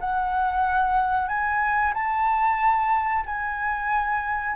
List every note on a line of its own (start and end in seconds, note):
0.00 1.28 F#5
1.28 1.93 G#5
1.94 3.24 A5
3.25 4.56 G#5